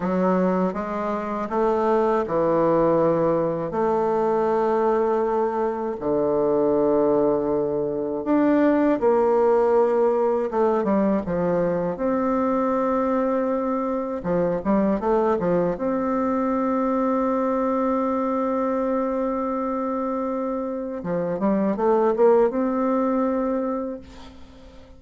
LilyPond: \new Staff \with { instrumentName = "bassoon" } { \time 4/4 \tempo 4 = 80 fis4 gis4 a4 e4~ | e4 a2. | d2. d'4 | ais2 a8 g8 f4 |
c'2. f8 g8 | a8 f8 c'2.~ | c'1 | f8 g8 a8 ais8 c'2 | }